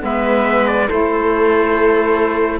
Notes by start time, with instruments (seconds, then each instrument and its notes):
0.00 cello G#3, saxophone B3, viola B4, trumpet E5
0.66 trumpet D5
0.87 cello A3, saxophone E4, viola A4, trumpet C5